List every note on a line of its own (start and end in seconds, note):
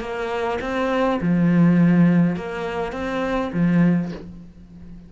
0.00 0.59 A#3
0.61 1.20 C4
1.21 2.36 F3
2.36 2.92 A#3
2.92 3.51 C4
3.53 4.12 F3